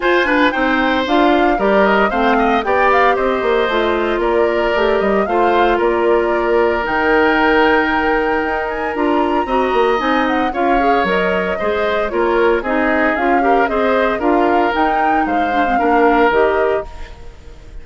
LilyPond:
<<
  \new Staff \with { instrumentName = "flute" } { \time 4/4 \tempo 4 = 114 gis''4 g''4 f''4 d''8 dis''8 | f''4 g''8 f''8 dis''2 | d''4. dis''8 f''4 d''4~ | d''4 g''2.~ |
g''8 gis''8 ais''2 gis''8 fis''8 | f''4 dis''2 cis''4 | dis''4 f''4 dis''4 f''4 | g''4 f''2 dis''4 | }
  \new Staff \with { instrumentName = "oboe" } { \time 4/4 c''8 b'8 c''2 ais'4 | c''8 dis''8 d''4 c''2 | ais'2 c''4 ais'4~ | ais'1~ |
ais'2 dis''2 | cis''2 c''4 ais'4 | gis'4. ais'8 c''4 ais'4~ | ais'4 c''4 ais'2 | }
  \new Staff \with { instrumentName = "clarinet" } { \time 4/4 f'8 d'8 dis'4 f'4 g'4 | c'4 g'2 f'4~ | f'4 g'4 f'2~ | f'4 dis'2.~ |
dis'4 f'4 fis'4 dis'4 | f'8 gis'8 ais'4 gis'4 f'4 | dis'4 f'8 g'8 gis'4 f'4 | dis'4. d'16 c'16 d'4 g'4 | }
  \new Staff \with { instrumentName = "bassoon" } { \time 4/4 f'4 c'4 d'4 g4 | a4 b4 c'8 ais8 a4 | ais4 a8 g8 a4 ais4~ | ais4 dis2. |
dis'4 d'4 c'8 ais8 c'4 | cis'4 fis4 gis4 ais4 | c'4 cis'4 c'4 d'4 | dis'4 gis4 ais4 dis4 | }
>>